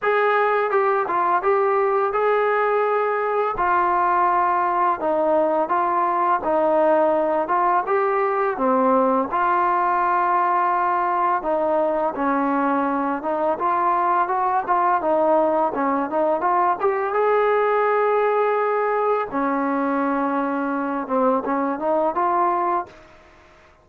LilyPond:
\new Staff \with { instrumentName = "trombone" } { \time 4/4 \tempo 4 = 84 gis'4 g'8 f'8 g'4 gis'4~ | gis'4 f'2 dis'4 | f'4 dis'4. f'8 g'4 | c'4 f'2. |
dis'4 cis'4. dis'8 f'4 | fis'8 f'8 dis'4 cis'8 dis'8 f'8 g'8 | gis'2. cis'4~ | cis'4. c'8 cis'8 dis'8 f'4 | }